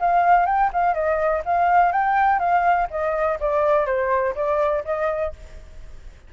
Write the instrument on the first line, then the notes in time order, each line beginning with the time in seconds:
flute
0.00 F5
0.46 G5
0.73 F5
0.95 D#5
1.46 F5
1.92 G5
2.40 F5
2.91 D#5
3.40 D5
3.86 C5
4.35 D5
4.85 D#5